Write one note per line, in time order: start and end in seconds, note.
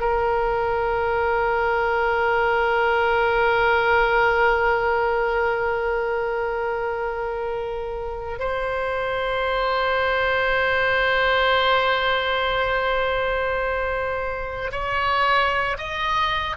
0.00 8.40 A#4
8.40 14.71 C5
14.72 15.78 C#5
15.78 16.56 D#5